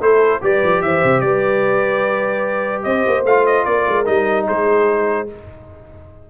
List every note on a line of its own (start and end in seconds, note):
0.00 0.41 A3
0.00 0.41 E4
0.00 0.42 A4
0.00 0.42 C5
0.41 0.63 G3
0.41 3.25 G4
0.41 0.83 B4
0.41 0.81 D5
0.63 0.82 F3
0.81 1.02 E3
0.81 1.24 C5
0.81 1.20 E5
1.03 1.22 C3
1.20 2.84 G3
1.20 2.85 B4
1.20 2.82 D5
2.83 3.05 C4
2.83 3.66 C5
2.83 3.23 D#5
3.06 3.23 A#3
3.23 3.64 A3
3.23 4.05 F4
3.23 3.46 F5
3.46 3.65 D#5
3.65 3.86 A#3
3.65 4.45 A#4
3.65 4.05 D5
3.88 4.07 G#3
4.05 4.48 G3
4.05 5.27 D#4
4.05 4.46 D#5
4.45 5.30 G#3
4.45 5.26 G#4
4.45 5.29 C5